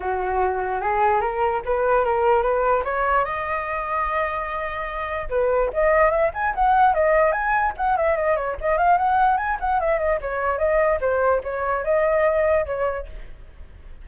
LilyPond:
\new Staff \with { instrumentName = "flute" } { \time 4/4 \tempo 4 = 147 fis'2 gis'4 ais'4 | b'4 ais'4 b'4 cis''4 | dis''1~ | dis''4 b'4 dis''4 e''8 gis''8 |
fis''4 dis''4 gis''4 fis''8 e''8 | dis''8 cis''8 dis''8 f''8 fis''4 gis''8 fis''8 | e''8 dis''8 cis''4 dis''4 c''4 | cis''4 dis''2 cis''4 | }